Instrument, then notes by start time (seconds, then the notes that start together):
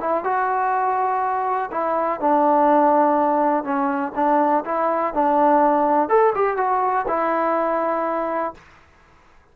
trombone
0.00 E4
0.24 F#4
1.71 E4
2.20 D4
3.64 C#4
4.15 D4
4.65 E4
5.14 D4
6.09 A4
6.35 G4
6.57 F#4
7.08 E4